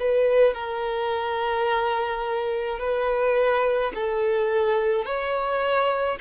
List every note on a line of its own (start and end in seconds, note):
0.00 0.54 B4
0.54 2.79 A#4
2.79 3.92 B4
3.95 5.05 A4
5.05 6.19 C#5